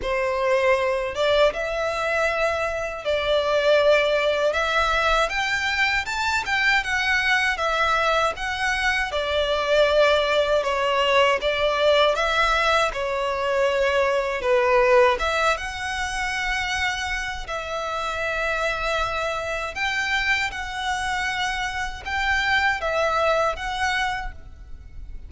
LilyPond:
\new Staff \with { instrumentName = "violin" } { \time 4/4 \tempo 4 = 79 c''4. d''8 e''2 | d''2 e''4 g''4 | a''8 g''8 fis''4 e''4 fis''4 | d''2 cis''4 d''4 |
e''4 cis''2 b'4 | e''8 fis''2~ fis''8 e''4~ | e''2 g''4 fis''4~ | fis''4 g''4 e''4 fis''4 | }